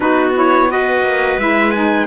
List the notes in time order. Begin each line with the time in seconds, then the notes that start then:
0.00 B3 D#4 F#4 B4
0.35 E4 C#5
0.69 F#4 B4 D#5
1.01 A#3
1.37 G#3 E4 E5
1.71 D#4 G#5